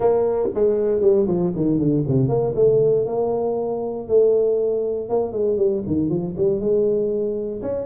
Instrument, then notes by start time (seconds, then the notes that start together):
tuba
0.00 A#3
0.54 G#3
1.01 G3
1.27 F3
1.56 D#3
1.78 D3
2.07 C3
2.28 A#3
2.55 A3
3.06 A#3
4.07 A3
5.09 A#3
5.32 G#3
5.57 G3
5.86 D#3
6.09 F3
6.37 G3
6.60 G#3
7.62 C#4